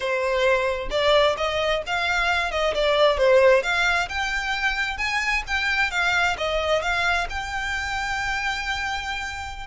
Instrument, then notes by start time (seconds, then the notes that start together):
violin
0.00 C5
0.90 D5
1.37 D#5
1.86 F5
2.51 D#5
2.74 D5
3.17 C5
3.62 F5
4.08 G5
4.97 G#5
5.47 G5
5.90 F5
6.37 D#5
6.82 F5
7.29 G5